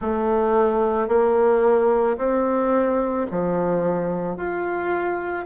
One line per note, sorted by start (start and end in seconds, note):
0.00 1.08 A3
1.08 2.17 A#3
2.17 3.26 C4
3.30 4.36 F3
4.36 5.45 F4